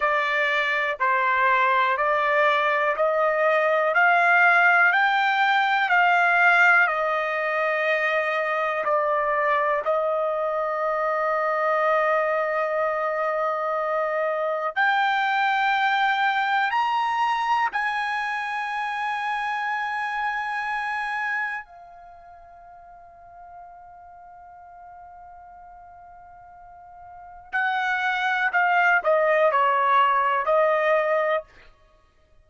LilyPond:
\new Staff \with { instrumentName = "trumpet" } { \time 4/4 \tempo 4 = 61 d''4 c''4 d''4 dis''4 | f''4 g''4 f''4 dis''4~ | dis''4 d''4 dis''2~ | dis''2. g''4~ |
g''4 ais''4 gis''2~ | gis''2 f''2~ | f''1 | fis''4 f''8 dis''8 cis''4 dis''4 | }